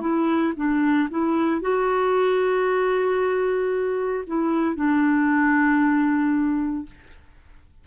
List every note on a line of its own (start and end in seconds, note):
0.00 0.53 E4
0.56 1.09 D4
1.10 1.61 E4
1.61 4.24 F#4
4.26 4.76 E4
4.76 6.86 D4